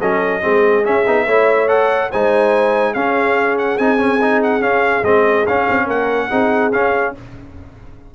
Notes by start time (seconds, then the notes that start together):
0.00 F#3 C#4 A4 D#5
0.42 G#3 C4 G#4
0.84 C#4 E5
1.07 B3 D#4
1.26 A3 E4 C#5
1.68 A4 F#5
2.11 G#3 D#4 C5 G#5
2.94 C#4 G#4 F5
3.58 F#5
3.78 C4 D#4 G#5
3.98 C#4
4.22 D#4
4.43 F#5
4.61 C#4 F5
5.03 G#3 C4 D#5
5.47 C#4 F5
5.69 C4
5.86 A#3 A#4 F#5
6.30 C4 D#4 G#4
6.72 C#4 F5